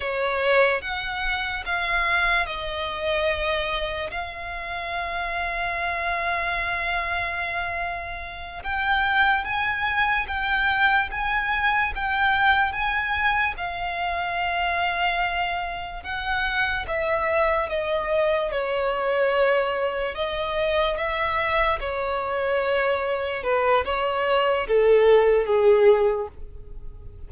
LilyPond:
\new Staff \with { instrumentName = "violin" } { \time 4/4 \tempo 4 = 73 cis''4 fis''4 f''4 dis''4~ | dis''4 f''2.~ | f''2~ f''8 g''4 gis''8~ | gis''8 g''4 gis''4 g''4 gis''8~ |
gis''8 f''2. fis''8~ | fis''8 e''4 dis''4 cis''4.~ | cis''8 dis''4 e''4 cis''4.~ | cis''8 b'8 cis''4 a'4 gis'4 | }